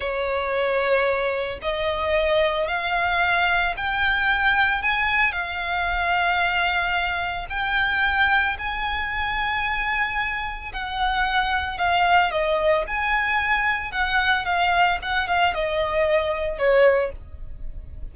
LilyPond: \new Staff \with { instrumentName = "violin" } { \time 4/4 \tempo 4 = 112 cis''2. dis''4~ | dis''4 f''2 g''4~ | g''4 gis''4 f''2~ | f''2 g''2 |
gis''1 | fis''2 f''4 dis''4 | gis''2 fis''4 f''4 | fis''8 f''8 dis''2 cis''4 | }